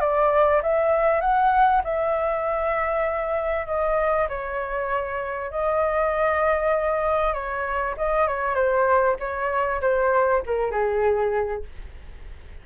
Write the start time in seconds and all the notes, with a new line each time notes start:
0.00 D5
0.62 E5
1.21 F#5
1.84 E5
3.66 D#5
4.28 C#5
5.51 D#5
7.33 C#5
7.97 D#5
8.27 C#5
8.54 C5
9.19 C#5
9.81 C5
10.46 A#4
10.71 G#4